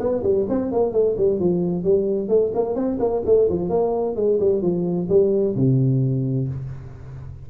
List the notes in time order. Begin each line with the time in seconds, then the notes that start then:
0.00 B3
0.23 G3
0.49 C4
0.72 A#3
0.93 A3
1.18 G3
1.40 F3
1.84 G3
2.29 A3
2.54 A#3
2.75 C4
3.00 A#3
3.26 A3
3.50 F3
3.70 A#3
4.16 G#3
4.40 G3
4.62 F3
5.09 G3
5.56 C3